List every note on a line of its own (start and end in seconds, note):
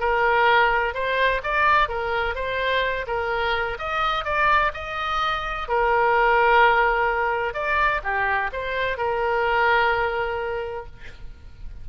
0.00 0.94 A#4
0.94 1.42 C5
1.44 1.89 D5
1.89 2.35 A#4
2.35 3.06 C5
3.07 3.78 A#4
3.79 4.25 D#5
4.25 4.72 D5
4.74 5.69 D#5
5.69 7.54 A#4
7.54 8.02 D5
8.04 8.51 G4
8.53 8.98 C5
8.98 10.87 A#4